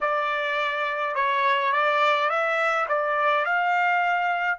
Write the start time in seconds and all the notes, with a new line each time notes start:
0.01 D5
1.15 C#5
1.72 D5
2.29 E5
2.88 D5
3.45 F5